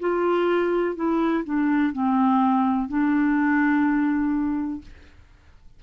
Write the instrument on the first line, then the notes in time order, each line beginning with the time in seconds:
clarinet
0.00 F4
0.95 E4
1.45 D4
1.93 C4
2.89 D4